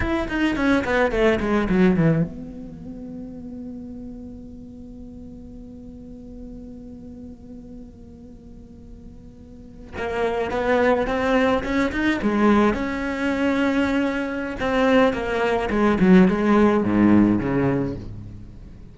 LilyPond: \new Staff \with { instrumentName = "cello" } { \time 4/4 \tempo 4 = 107 e'8 dis'8 cis'8 b8 a8 gis8 fis8 e8 | b1~ | b1~ | b1~ |
b4.~ b16 ais4 b4 c'16~ | c'8. cis'8 dis'8 gis4 cis'4~ cis'16~ | cis'2 c'4 ais4 | gis8 fis8 gis4 gis,4 cis4 | }